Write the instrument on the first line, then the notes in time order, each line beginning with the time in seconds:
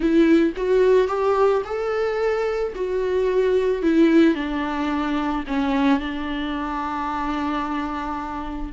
viola
0.00 E4
0.56 F#4
1.07 G4
1.64 A4
2.75 F#4
3.82 E4
4.34 D4
5.47 C#4
5.99 D4